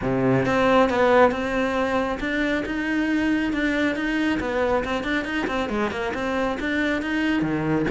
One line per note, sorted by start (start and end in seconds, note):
0.01 0.45 C3
0.45 0.89 C4
0.89 1.31 B3
1.31 2.18 C4
2.20 2.64 D4
2.65 3.53 D#4
3.53 3.95 D4
3.95 4.39 D#4
4.40 4.84 B3
4.84 5.03 C4
5.03 5.24 D4
5.24 5.46 D#4
5.47 5.69 C4
5.69 5.90 G#3
5.90 6.12 A#3
6.14 6.58 C4
6.60 7.02 D4
7.02 7.42 D#4
7.42 7.86 D#3